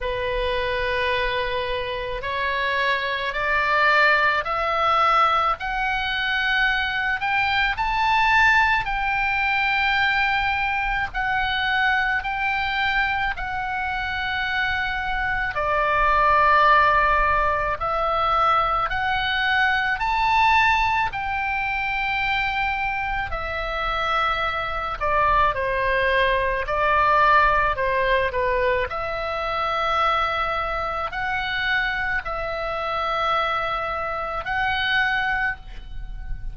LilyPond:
\new Staff \with { instrumentName = "oboe" } { \time 4/4 \tempo 4 = 54 b'2 cis''4 d''4 | e''4 fis''4. g''8 a''4 | g''2 fis''4 g''4 | fis''2 d''2 |
e''4 fis''4 a''4 g''4~ | g''4 e''4. d''8 c''4 | d''4 c''8 b'8 e''2 | fis''4 e''2 fis''4 | }